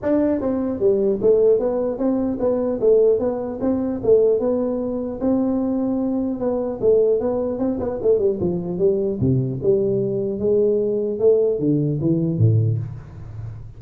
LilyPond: \new Staff \with { instrumentName = "tuba" } { \time 4/4 \tempo 4 = 150 d'4 c'4 g4 a4 | b4 c'4 b4 a4 | b4 c'4 a4 b4~ | b4 c'2. |
b4 a4 b4 c'8 b8 | a8 g8 f4 g4 c4 | g2 gis2 | a4 d4 e4 a,4 | }